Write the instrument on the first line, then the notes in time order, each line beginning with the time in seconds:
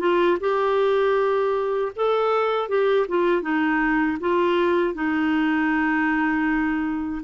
clarinet
0.00 F4
0.40 G4
1.96 A4
2.69 G4
3.09 F4
3.42 D#4
4.20 F4
4.94 D#4